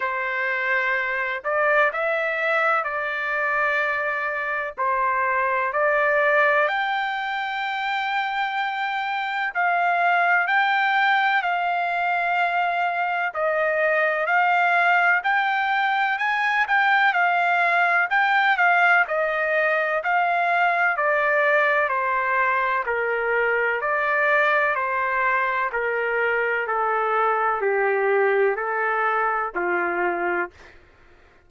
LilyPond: \new Staff \with { instrumentName = "trumpet" } { \time 4/4 \tempo 4 = 63 c''4. d''8 e''4 d''4~ | d''4 c''4 d''4 g''4~ | g''2 f''4 g''4 | f''2 dis''4 f''4 |
g''4 gis''8 g''8 f''4 g''8 f''8 | dis''4 f''4 d''4 c''4 | ais'4 d''4 c''4 ais'4 | a'4 g'4 a'4 f'4 | }